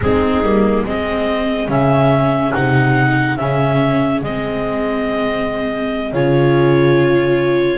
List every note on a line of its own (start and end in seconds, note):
0.01 0.42 G#3
0.01 0.44 C4
0.01 0.87 D#4
0.01 0.85 G#4
0.42 0.85 G3
0.42 0.86 A#3
0.85 1.68 G#3
0.85 1.68 C4
0.85 7.78 G#4
0.85 1.70 D#5
1.68 2.52 C#3
1.68 2.53 C#4
1.68 2.53 E5
2.53 3.38 C3
2.53 3.38 D#4
2.53 3.36 F#5
3.36 4.23 C#3
3.36 4.22 C#4
3.36 4.21 E5
4.23 6.12 G#3
4.23 6.14 C4
4.23 6.13 D#5
6.12 7.78 C#3
6.12 7.78 F4
6.12 7.78 C#5